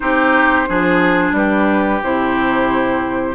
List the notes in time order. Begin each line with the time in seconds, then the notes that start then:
0.00 C4 D#4 G4 C5
0.67 F3 D4 G#4
1.32 G3 G4 B4
2.02 C3 E4 C5